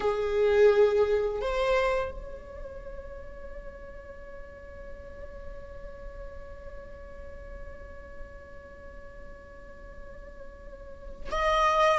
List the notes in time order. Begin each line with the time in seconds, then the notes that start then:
0.00 G#4
1.41 C5
2.11 C#5
11.31 D#5